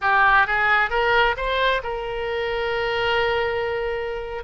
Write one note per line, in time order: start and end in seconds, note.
0.01 0.46 G4
0.46 0.90 G#4
0.90 1.35 A#4
1.36 1.82 C5
1.83 4.43 A#4